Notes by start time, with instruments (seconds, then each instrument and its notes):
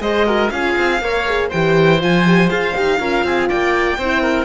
0.00 cello G#3, horn G#4, oboe C5, violin D#5
0.26 horn F#4, oboe A#4
0.50 cello C#4, horn F4, oboe G#4, violin F5
0.77 cello C4
1.01 cello A#3, horn A#4, oboe C#5
1.26 horn G#4
1.48 cello E3, horn G4, oboe C5, violin G5
1.99 cello F3, horn F4, violin G#5
2.26 horn G4
2.48 cello F4, horn G#4, violin F5
2.75 cello D#4, horn G4
2.99 cello C#4, horn F4, oboe A#4
3.23 cello C4, oboe G#4
3.48 cello A#3, oboe D5, violin G5
3.97 cello C4, horn E4, oboe C5
4.22 oboe A#4